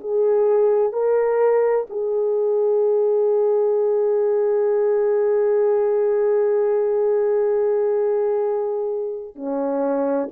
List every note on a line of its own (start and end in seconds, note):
0.00 0.93 G#4
0.93 1.87 A#4
1.90 9.35 G#4
9.35 10.29 C#4